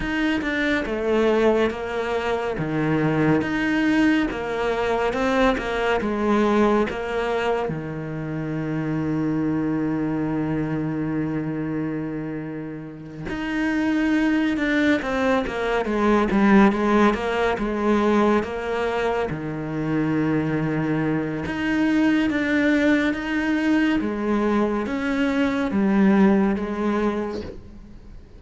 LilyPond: \new Staff \with { instrumentName = "cello" } { \time 4/4 \tempo 4 = 70 dis'8 d'8 a4 ais4 dis4 | dis'4 ais4 c'8 ais8 gis4 | ais4 dis2.~ | dis2.~ dis8 dis'8~ |
dis'4 d'8 c'8 ais8 gis8 g8 gis8 | ais8 gis4 ais4 dis4.~ | dis4 dis'4 d'4 dis'4 | gis4 cis'4 g4 gis4 | }